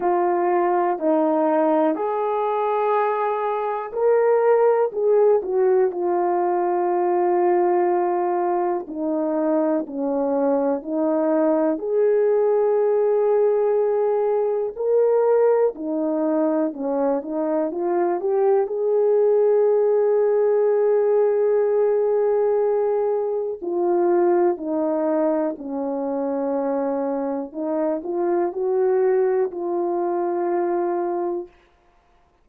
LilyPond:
\new Staff \with { instrumentName = "horn" } { \time 4/4 \tempo 4 = 61 f'4 dis'4 gis'2 | ais'4 gis'8 fis'8 f'2~ | f'4 dis'4 cis'4 dis'4 | gis'2. ais'4 |
dis'4 cis'8 dis'8 f'8 g'8 gis'4~ | gis'1 | f'4 dis'4 cis'2 | dis'8 f'8 fis'4 f'2 | }